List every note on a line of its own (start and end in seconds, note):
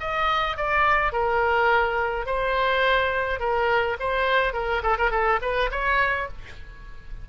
0.00 0.57 D#5
0.57 1.12 D5
1.12 2.26 A#4
2.26 3.40 C5
3.40 3.97 A#4
4.00 4.54 C5
4.54 4.82 A#4
4.83 4.97 A4
4.98 5.11 A#4
5.11 5.39 A4
5.42 5.70 B4
5.71 6.28 C#5